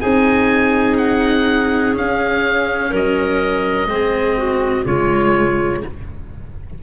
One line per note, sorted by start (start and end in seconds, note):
0.00 1.97 C4
0.00 1.93 D#4
0.00 2.90 G#4
0.00 0.97 G#5
0.97 1.94 F#5
1.93 3.87 C#4
1.93 2.92 C#4
1.93 2.94 F5
2.90 3.85 F#3
2.90 3.86 A#4
2.90 4.85 D#5
3.85 4.82 G#3
3.85 4.85 C4
3.85 4.37 G#4
4.37 4.85 F#4
4.85 5.82 C#3
4.85 5.82 G#3
4.85 5.82 F4
4.85 5.82 C#5